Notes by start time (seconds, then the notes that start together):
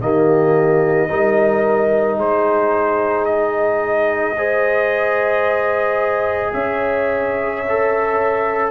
0.00 D#3 A#3 G4 D#5
1.08 G3 D#4 A#4
2.17 G#3 G#4 C5
3.25 D#5
4.37 G#4 C5
6.53 C#4 C#5 E5
7.68 A4